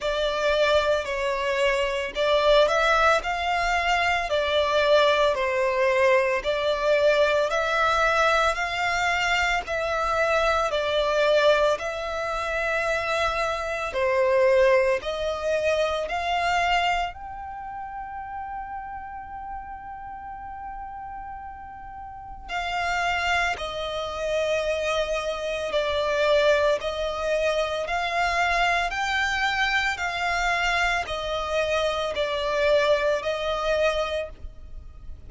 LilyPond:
\new Staff \with { instrumentName = "violin" } { \time 4/4 \tempo 4 = 56 d''4 cis''4 d''8 e''8 f''4 | d''4 c''4 d''4 e''4 | f''4 e''4 d''4 e''4~ | e''4 c''4 dis''4 f''4 |
g''1~ | g''4 f''4 dis''2 | d''4 dis''4 f''4 g''4 | f''4 dis''4 d''4 dis''4 | }